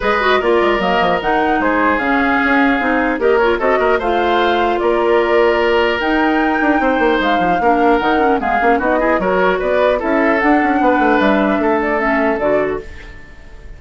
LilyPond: <<
  \new Staff \with { instrumentName = "flute" } { \time 4/4 \tempo 4 = 150 dis''4 d''4 dis''4 fis''4 | c''4 f''2. | dis''8 cis''8 dis''4 f''2 | d''2. g''4~ |
g''2 f''2 | fis''4 f''4 dis''4 cis''4 | d''4 e''4 fis''2 | e''4. d''8 e''4 d''4 | }
  \new Staff \with { instrumentName = "oboe" } { \time 4/4 b'4 ais'2. | gis'1 | ais'4 a'8 ais'8 c''2 | ais'1~ |
ais'4 c''2 ais'4~ | ais'4 gis'4 fis'8 gis'8 ais'4 | b'4 a'2 b'4~ | b'4 a'2. | }
  \new Staff \with { instrumentName = "clarinet" } { \time 4/4 gis'8 fis'8 f'4 ais4 dis'4~ | dis'4 cis'2 dis'4 | g'8 f'8 fis'4 f'2~ | f'2. dis'4~ |
dis'2. d'4 | dis'8 cis'8 b8 cis'8 dis'8 e'8 fis'4~ | fis'4 e'4 d'2~ | d'2 cis'4 fis'4 | }
  \new Staff \with { instrumentName = "bassoon" } { \time 4/4 gis4 ais8 gis8 fis8 f8 dis4 | gis4 cis4 cis'4 c'4 | ais4 c'8 ais8 a2 | ais2. dis'4~ |
dis'8 d'8 c'8 ais8 gis8 f8 ais4 | dis4 gis8 ais8 b4 fis4 | b4 cis'4 d'8 cis'8 b8 a8 | g4 a2 d4 | }
>>